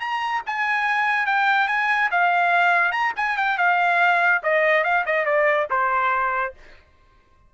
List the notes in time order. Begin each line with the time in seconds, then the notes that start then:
0.00 A#5
0.47 G#5
1.27 G5
1.68 G#5
2.11 F5
2.92 A#5
3.16 G#5
3.37 G5
3.58 F5
4.43 D#5
4.84 F5
5.06 D#5
5.26 D5
5.70 C5